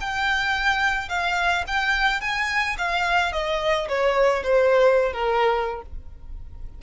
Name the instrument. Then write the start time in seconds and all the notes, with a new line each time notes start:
violin
0.00 G5
1.08 F5
1.67 G5
2.20 G#5
2.78 F5
3.32 D#5
3.88 C#5
4.43 C5
5.12 A#4